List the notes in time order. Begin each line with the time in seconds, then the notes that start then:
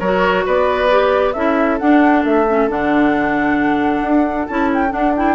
0.00 F#3 F#4 A#4 C#5
0.46 B3 B4 D5
0.90 G4
1.33 C#4 E4 A4 E5
1.79 D4 F#5
2.25 A3 E5
2.48 C#4
2.69 D3 D4 F#5
4.02 D4
4.48 C#4 E4 A5
4.74 G5
4.89 D4 F#5
5.17 E4 G5